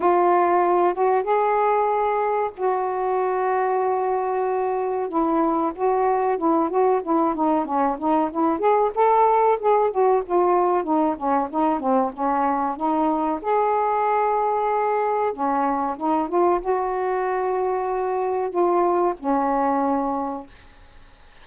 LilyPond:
\new Staff \with { instrumentName = "saxophone" } { \time 4/4 \tempo 4 = 94 f'4. fis'8 gis'2 | fis'1 | e'4 fis'4 e'8 fis'8 e'8 dis'8 | cis'8 dis'8 e'8 gis'8 a'4 gis'8 fis'8 |
f'4 dis'8 cis'8 dis'8 c'8 cis'4 | dis'4 gis'2. | cis'4 dis'8 f'8 fis'2~ | fis'4 f'4 cis'2 | }